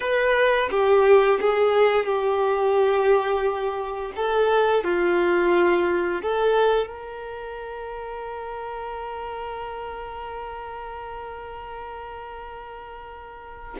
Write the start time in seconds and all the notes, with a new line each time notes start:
0.00 B4
0.71 G4
1.40 G#4
2.05 G4
4.15 A4
4.84 F4
6.22 A4
6.86 A#4